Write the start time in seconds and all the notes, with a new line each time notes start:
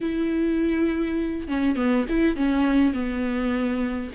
0.01 E4
1.48 C#4
1.76 B3
2.09 E4
2.36 C#4
2.93 B3